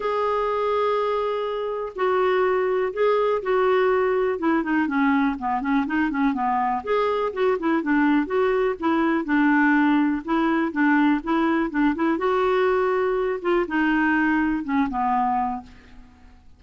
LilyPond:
\new Staff \with { instrumentName = "clarinet" } { \time 4/4 \tempo 4 = 123 gis'1 | fis'2 gis'4 fis'4~ | fis'4 e'8 dis'8 cis'4 b8 cis'8 | dis'8 cis'8 b4 gis'4 fis'8 e'8 |
d'4 fis'4 e'4 d'4~ | d'4 e'4 d'4 e'4 | d'8 e'8 fis'2~ fis'8 f'8 | dis'2 cis'8 b4. | }